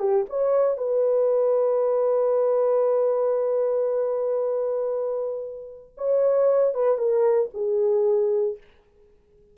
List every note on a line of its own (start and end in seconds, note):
0.00 0.26 G4
0.30 0.78 C#5
0.78 5.95 B4
5.98 6.75 C#5
6.75 6.99 B4
6.99 7.50 A#4
7.54 8.58 G#4